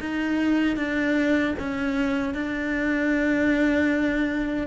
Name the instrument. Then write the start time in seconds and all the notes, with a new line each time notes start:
cello
0.00 D#4
0.76 D4
1.59 C#4
2.34 D4